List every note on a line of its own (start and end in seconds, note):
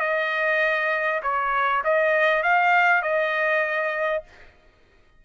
0.00 1.21 D#5
1.23 1.83 C#5
1.85 2.43 D#5
2.43 3.02 F5
3.02 4.23 D#5